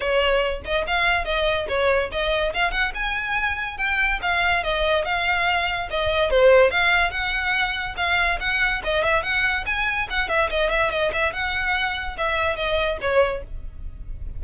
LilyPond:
\new Staff \with { instrumentName = "violin" } { \time 4/4 \tempo 4 = 143 cis''4. dis''8 f''4 dis''4 | cis''4 dis''4 f''8 fis''8 gis''4~ | gis''4 g''4 f''4 dis''4 | f''2 dis''4 c''4 |
f''4 fis''2 f''4 | fis''4 dis''8 e''8 fis''4 gis''4 | fis''8 e''8 dis''8 e''8 dis''8 e''8 fis''4~ | fis''4 e''4 dis''4 cis''4 | }